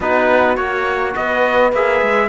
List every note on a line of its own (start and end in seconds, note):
0.00 0.57 B3
0.00 0.57 D#4
0.00 1.16 F#4
0.00 0.56 B4
0.56 1.15 A#3
0.56 1.72 F#4
0.56 1.13 C#5
1.15 1.72 B3
1.15 2.29 B4
1.15 1.73 D#5
1.72 2.01 A#3
1.72 2.29 G#4
1.72 2.29 E5
2.01 2.29 G#3